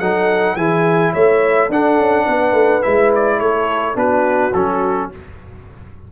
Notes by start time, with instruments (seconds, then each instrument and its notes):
0.00 tuba F#3, trombone D#4, horn A4, trumpet F#5
0.56 tuba E3, trombone E4, horn G#4, trumpet G#5
1.13 tuba A3, horn C#5, trumpet E5
1.70 tuba D4, trombone D4, horn A4, trumpet F#5
1.98 tuba C#4
2.26 tuba B3, horn B4
2.53 tuba A3
2.82 tuba G#3, trombone E4, trumpet E5
3.16 trumpet D5
3.40 tuba A3, horn A4, trumpet C#5
3.95 tuba B3, trombone D4, horn F#4, trumpet B4
4.54 tuba F#3, trombone C#4, trumpet A4